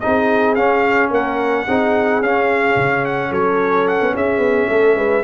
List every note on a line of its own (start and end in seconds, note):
0.00 0.58 C4
0.00 0.57 D#4
0.00 1.10 G#4
0.00 0.55 D#5
0.55 1.67 C#4
0.55 1.11 C#4
0.55 1.10 F5
1.10 1.66 A#3
1.10 1.65 A#4
1.10 2.23 F#5
1.67 2.21 C4
1.67 2.23 D#4
1.67 3.30 G#4
2.21 2.76 C#4
2.21 5.24 C#4
2.21 3.05 F5
2.76 3.31 C#3
3.05 3.33 F#5
3.30 4.00 F#3
3.30 4.13 A4
3.30 3.88 C#5
3.88 4.15 F#5
4.01 4.15 B3
4.15 4.39 C#4
4.15 4.70 G#4
4.15 5.24 E5
4.39 4.66 B3
4.69 4.96 A3
4.69 4.97 A4
4.96 5.23 G#3
4.96 5.24 B4